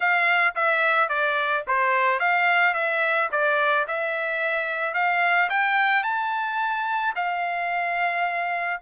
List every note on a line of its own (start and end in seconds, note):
0.00 0.55 F5
0.55 1.09 E5
1.09 1.64 D5
1.67 2.19 C5
2.19 2.74 F5
2.74 3.29 E5
3.31 3.86 D5
3.87 4.94 E5
4.94 5.49 F5
5.49 6.03 G5
6.03 7.13 A5
7.15 8.80 F5